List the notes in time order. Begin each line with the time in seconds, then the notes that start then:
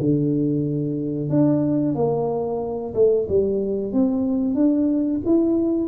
0.00 D3
1.30 D4
1.95 A#3
2.95 A3
3.29 G3
3.93 C4
4.55 D4
5.26 E4